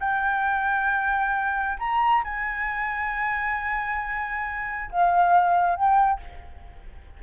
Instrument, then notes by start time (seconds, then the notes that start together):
flute
0.00 G5
1.79 A#5
2.24 G#5
4.91 F5
5.76 G5